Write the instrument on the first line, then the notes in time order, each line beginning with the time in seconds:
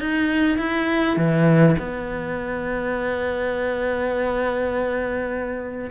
cello
0.00 D#4
0.58 E4
1.17 E3
1.79 B3